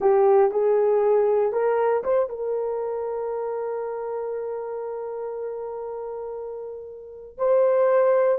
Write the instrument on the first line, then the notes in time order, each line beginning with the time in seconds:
horn
0.00 G4
0.51 G#4
1.52 A#4
2.03 C5
2.29 A#4
7.37 C5